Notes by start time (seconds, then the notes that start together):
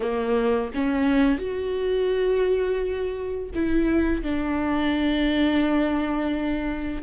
0.00 A#3
0.74 C#4
1.38 F#4
3.54 E4
4.23 D4